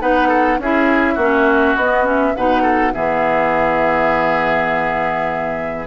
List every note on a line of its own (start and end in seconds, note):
0.00 0.58 B3
0.00 0.59 D#4
0.00 0.28 B4
0.00 0.59 F#5
0.28 0.57 A4
0.58 1.17 C#4
0.58 1.19 E4
0.58 1.14 G#4
0.58 1.77 E5
1.14 1.75 A#3
1.14 1.78 C#4
1.14 2.32 F#4
1.76 2.34 B3
1.76 2.04 B3
1.76 2.06 D#5
2.04 2.33 C#4
2.04 2.35 E5
2.35 2.94 B2
2.35 2.93 D#4
2.35 2.62 B4
2.35 2.93 F#5
2.62 2.92 A4
2.93 5.86 E3
2.93 5.86 B3
2.93 5.86 G#4
2.93 5.86 E5